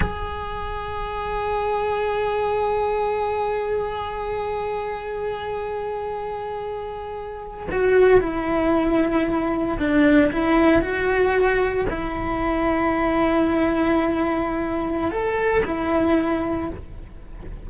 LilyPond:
\new Staff \with { instrumentName = "cello" } { \time 4/4 \tempo 4 = 115 gis'1~ | gis'1~ | gis'1~ | gis'2~ gis'8. fis'4 e'16~ |
e'2~ e'8. d'4 e'16~ | e'8. fis'2 e'4~ e'16~ | e'1~ | e'4 a'4 e'2 | }